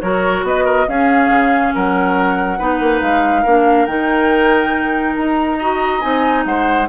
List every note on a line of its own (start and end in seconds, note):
0.00 0.43 F#3
0.00 0.87 F#4
0.00 0.45 A#4
0.00 0.43 C#5
0.43 0.86 B3
0.43 0.64 B4
0.43 0.88 D#5
0.64 0.85 A#4
0.87 1.28 C#4
0.87 2.59 C#4
0.87 1.74 G#4
0.87 1.74 F5
1.28 1.71 C#3
1.74 2.59 F#3
1.74 2.58 A#4
1.74 3.01 F#5
2.58 2.79 B3
2.58 3.45 D#4
2.58 3.42 B4
2.79 3.01 A#3
3.01 3.44 G#3
3.01 3.86 F5
3.42 3.87 A#3
3.42 3.88 D4
3.42 5.56 A#4
3.86 5.15 D#3
3.86 5.59 D#4
3.86 5.14 G5
5.15 6.03 D#4
5.15 6.00 A#5
5.58 6.01 F#4
5.58 6.44 D#5
6.00 6.45 C4
6.00 6.86 D#4
6.00 6.43 G#5
6.45 6.88 G#3
6.45 6.88 C5
6.45 6.88 F#5